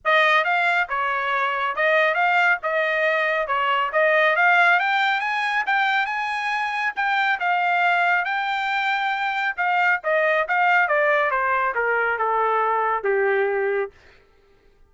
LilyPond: \new Staff \with { instrumentName = "trumpet" } { \time 4/4 \tempo 4 = 138 dis''4 f''4 cis''2 | dis''4 f''4 dis''2 | cis''4 dis''4 f''4 g''4 | gis''4 g''4 gis''2 |
g''4 f''2 g''4~ | g''2 f''4 dis''4 | f''4 d''4 c''4 ais'4 | a'2 g'2 | }